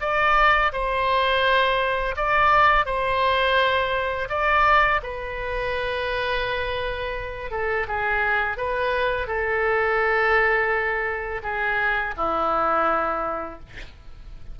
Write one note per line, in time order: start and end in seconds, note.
0.00 0.71 D5
0.72 2.15 C5
2.16 2.85 D5
2.85 4.28 C5
4.29 5.01 D5
5.02 7.51 B4
7.51 7.86 A4
7.87 8.57 G#4
8.57 9.27 B4
9.27 11.41 A4
11.43 12.14 G#4
12.17 13.59 E4